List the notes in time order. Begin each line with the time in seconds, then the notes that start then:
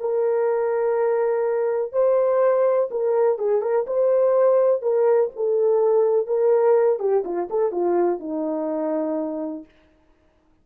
0.00 A#4
1.92 C5
2.91 A#4
3.38 G#4
3.62 A#4
3.87 C5
4.82 A#4
5.36 A4
6.27 A#4
6.99 G4
7.24 F4
7.50 A4
7.72 F4
8.20 D#4